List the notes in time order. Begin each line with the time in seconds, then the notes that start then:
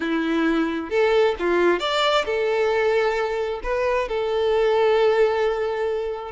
0.00 E4
0.90 A4
1.39 F4
1.79 D5
2.25 A4
3.63 B4
4.08 A4